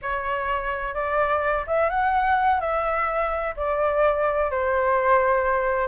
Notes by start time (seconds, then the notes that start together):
0.02 C#5
0.94 D5
1.66 E5
1.89 F#5
2.60 E5
3.56 D5
4.51 C5